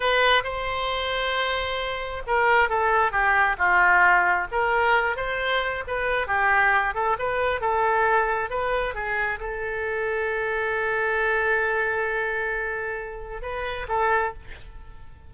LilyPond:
\new Staff \with { instrumentName = "oboe" } { \time 4/4 \tempo 4 = 134 b'4 c''2.~ | c''4 ais'4 a'4 g'4 | f'2 ais'4. c''8~ | c''4 b'4 g'4. a'8 |
b'4 a'2 b'4 | gis'4 a'2.~ | a'1~ | a'2 b'4 a'4 | }